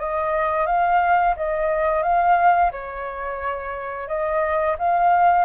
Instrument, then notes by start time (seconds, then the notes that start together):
flute
0.00 D#5
0.67 F5
1.37 D#5
2.03 F5
2.72 C#5
4.08 D#5
4.79 F5